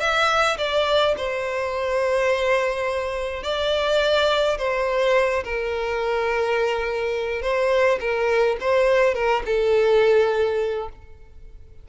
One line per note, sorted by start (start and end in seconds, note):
0.00 0.57 E5
0.58 1.15 D5
1.17 3.43 C5
3.43 4.58 D5
4.58 5.44 C5
5.44 7.42 A#4
7.42 7.99 C5
8.00 8.57 A#4
8.61 9.14 C5
9.14 9.43 A#4
9.46 10.89 A4